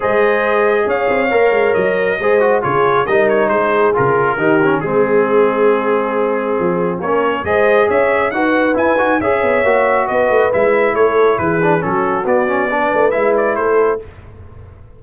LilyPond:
<<
  \new Staff \with { instrumentName = "trumpet" } { \time 4/4 \tempo 4 = 137 dis''2 f''2 | dis''2 cis''4 dis''8 cis''8 | c''4 ais'2 gis'4~ | gis'1 |
cis''4 dis''4 e''4 fis''4 | gis''4 e''2 dis''4 | e''4 cis''4 b'4 a'4 | d''2 e''8 d''8 c''4 | }
  \new Staff \with { instrumentName = "horn" } { \time 4/4 c''2 cis''2~ | cis''4 c''4 gis'4 ais'4 | gis'2 g'4 gis'4~ | gis'1 |
ais'4 c''4 cis''4 b'4~ | b'4 cis''2 b'4~ | b'4 a'4 gis'4 fis'4~ | fis'4 b'2 a'4 | }
  \new Staff \with { instrumentName = "trombone" } { \time 4/4 gis'2. ais'4~ | ais'4 gis'8 fis'8 f'4 dis'4~ | dis'4 f'4 dis'8 cis'8 c'4~ | c'1 |
cis'4 gis'2 fis'4 | e'8 fis'8 gis'4 fis'2 | e'2~ e'8 d'8 cis'4 | b8 cis'8 d'4 e'2 | }
  \new Staff \with { instrumentName = "tuba" } { \time 4/4 gis2 cis'8 c'8 ais8 gis8 | fis4 gis4 cis4 g4 | gis4 cis4 dis4 gis4~ | gis2. f4 |
ais4 gis4 cis'4 dis'4 | e'8 dis'8 cis'8 b8 ais4 b8 a8 | gis4 a4 e4 fis4 | b4. a8 gis4 a4 | }
>>